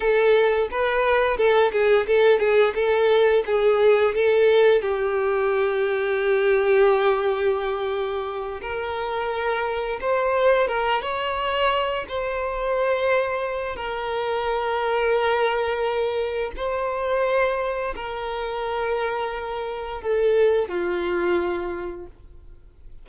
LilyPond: \new Staff \with { instrumentName = "violin" } { \time 4/4 \tempo 4 = 87 a'4 b'4 a'8 gis'8 a'8 gis'8 | a'4 gis'4 a'4 g'4~ | g'1~ | g'8 ais'2 c''4 ais'8 |
cis''4. c''2~ c''8 | ais'1 | c''2 ais'2~ | ais'4 a'4 f'2 | }